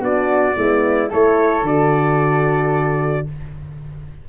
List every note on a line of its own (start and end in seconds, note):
0.00 0.54 B3
0.00 0.55 D4
0.00 0.55 F#4
0.00 1.12 D5
0.57 1.11 G#3
0.57 1.09 B3
0.57 1.10 E4
1.09 1.63 A3
1.09 1.63 E4
1.09 3.26 A4
1.09 1.67 C#5
1.63 3.25 D3
1.63 3.27 F#4
1.63 3.29 D5